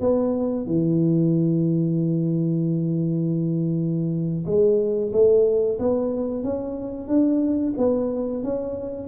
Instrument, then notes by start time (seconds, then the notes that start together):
tuba
0.00 B3
0.66 E3
4.46 G#3
5.12 A3
5.79 B3
6.43 C#4
7.08 D4
7.77 B3
8.43 C#4